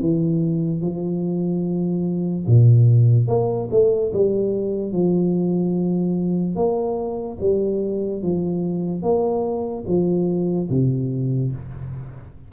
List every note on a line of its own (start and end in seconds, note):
0.00 0.81 E3
0.81 2.46 F3
2.46 3.28 A#2
3.28 3.69 A#3
3.71 4.12 A3
4.12 4.92 G3
4.92 6.55 F3
6.55 7.37 A#3
7.40 8.22 G3
8.22 9.02 F3
9.02 9.84 A#3
9.87 10.69 F3
10.70 11.52 C3